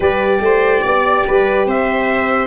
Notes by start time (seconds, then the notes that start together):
0.00 G3 G4 B4 D5
0.40 A3 C5
0.82 B3 D5
1.27 G3 B4
1.65 C4 C5 E5